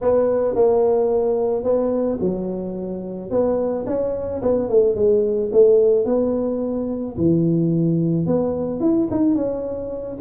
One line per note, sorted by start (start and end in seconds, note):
0.01 0.55 B3
0.55 1.63 A#3
1.63 2.18 B3
2.20 3.30 F#3
3.30 3.85 B3
3.86 4.41 C#4
4.42 4.69 B3
4.69 4.95 A3
4.95 5.50 G#3
5.52 6.05 A3
6.05 7.15 B3
7.17 8.26 E3
8.26 8.80 B3
8.80 9.08 E4
9.10 9.35 D#4
9.35 10.17 C#4